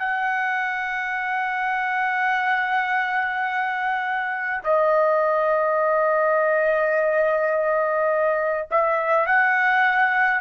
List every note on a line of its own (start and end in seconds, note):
0.00 4.62 F#5
4.64 8.67 D#5
8.71 9.26 E5
9.26 10.41 F#5